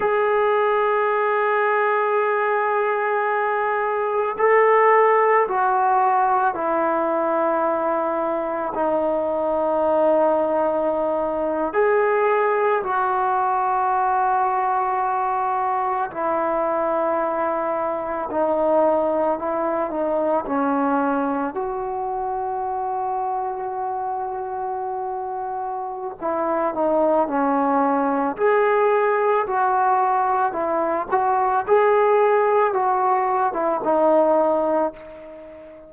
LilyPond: \new Staff \with { instrumentName = "trombone" } { \time 4/4 \tempo 4 = 55 gis'1 | a'4 fis'4 e'2 | dis'2~ dis'8. gis'4 fis'16~ | fis'2~ fis'8. e'4~ e'16~ |
e'8. dis'4 e'8 dis'8 cis'4 fis'16~ | fis'1 | e'8 dis'8 cis'4 gis'4 fis'4 | e'8 fis'8 gis'4 fis'8. e'16 dis'4 | }